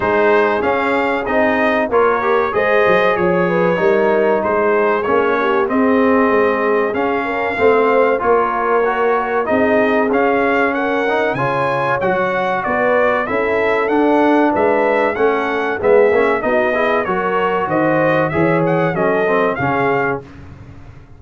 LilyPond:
<<
  \new Staff \with { instrumentName = "trumpet" } { \time 4/4 \tempo 4 = 95 c''4 f''4 dis''4 cis''4 | dis''4 cis''2 c''4 | cis''4 dis''2 f''4~ | f''4 cis''2 dis''4 |
f''4 fis''4 gis''4 fis''4 | d''4 e''4 fis''4 e''4 | fis''4 e''4 dis''4 cis''4 | dis''4 e''8 fis''8 dis''4 f''4 | }
  \new Staff \with { instrumentName = "horn" } { \time 4/4 gis'2. ais'4 | c''4 cis''8 b'8 ais'4 gis'4~ | gis'8 g'8 gis'2~ gis'8 ais'8 | c''4 ais'2 gis'4~ |
gis'4 ais'4 cis''2 | b'4 a'2 b'4 | a'4 gis'4 fis'8 gis'8 ais'4 | c''4 cis''4 a'4 gis'4 | }
  \new Staff \with { instrumentName = "trombone" } { \time 4/4 dis'4 cis'4 dis'4 f'8 g'8 | gis'2 dis'2 | cis'4 c'2 cis'4 | c'4 f'4 fis'4 dis'4 |
cis'4. dis'8 f'4 fis'4~ | fis'4 e'4 d'2 | cis'4 b8 cis'8 dis'8 e'8 fis'4~ | fis'4 gis'4 cis'8 c'8 cis'4 | }
  \new Staff \with { instrumentName = "tuba" } { \time 4/4 gis4 cis'4 c'4 ais4 | gis8 fis8 f4 g4 gis4 | ais4 c'4 gis4 cis'4 | a4 ais2 c'4 |
cis'2 cis4 fis4 | b4 cis'4 d'4 gis4 | a4 gis8 ais8 b4 fis4 | dis4 e4 fis4 cis4 | }
>>